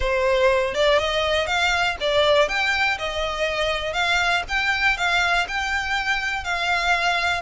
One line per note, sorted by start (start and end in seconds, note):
0.00 0.74 C5
0.74 0.98 D5
0.98 1.47 D#5
1.47 1.96 F5
2.00 2.48 D5
2.48 2.98 G5
2.98 3.93 D#5
3.93 4.42 F5
4.48 4.97 G5
4.97 5.46 F5
5.48 6.44 G5
6.44 7.41 F5